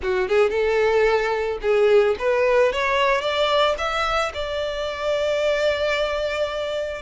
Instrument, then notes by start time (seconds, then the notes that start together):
violin
0.02 F#4
0.28 G#4
0.50 A4
1.61 G#4
2.19 B4
2.72 C#5
3.21 D5
3.77 E5
4.33 D5